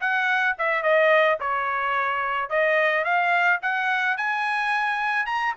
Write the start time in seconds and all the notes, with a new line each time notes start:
0.00 F#5
0.58 E5
0.82 D#5
1.40 C#5
2.49 D#5
3.04 F5
3.61 F#5
4.17 G#5
5.26 A#5